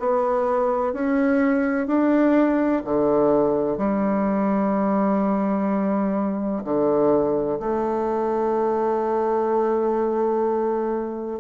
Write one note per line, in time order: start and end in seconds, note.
0.00 0.94 B3
0.94 1.87 C#4
1.87 2.83 D4
2.85 3.78 D3
3.78 6.64 G3
6.65 7.60 D3
7.60 11.41 A3